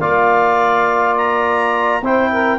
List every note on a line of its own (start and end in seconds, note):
0.00 2.02 A#3
0.00 2.03 F4
0.00 2.02 D5
0.00 1.16 F5
1.18 2.04 A#5
2.02 2.59 C4
2.02 2.59 E4
2.02 2.31 C5
2.02 2.59 G5
2.33 2.59 A#4